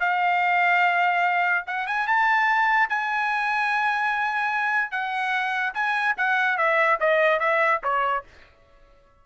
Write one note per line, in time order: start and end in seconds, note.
0.00 1.64 F5
1.67 1.87 F#5
1.87 2.07 G#5
2.07 2.90 A5
2.90 4.91 G#5
4.91 5.73 F#5
5.74 6.15 G#5
6.17 6.58 F#5
6.58 6.99 E5
7.00 7.40 D#5
7.40 7.81 E5
7.83 8.24 C#5